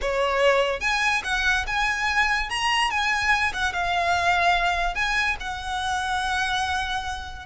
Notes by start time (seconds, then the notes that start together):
0.01 C#5
0.80 G#5
1.24 F#5
1.66 G#5
2.49 A#5
2.90 G#5
3.53 F#5
3.72 F5
4.94 G#5
5.40 F#5